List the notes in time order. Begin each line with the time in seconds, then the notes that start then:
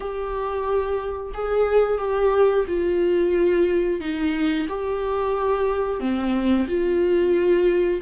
0.00 G4
1.33 G#4
1.98 G4
2.67 F4
4.00 D#4
4.68 G4
6.00 C4
6.67 F4